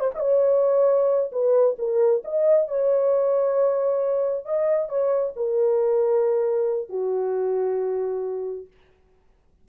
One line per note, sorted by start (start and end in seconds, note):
0.00 0.11 C5
0.14 1.31 C#5
0.14 0.20 D#5
1.32 1.76 B4
1.78 2.23 A#4
2.24 2.68 D#5
2.68 4.45 C#5
4.45 4.89 D#5
4.89 5.33 C#5
5.36 6.89 A#4
6.89 8.67 F#4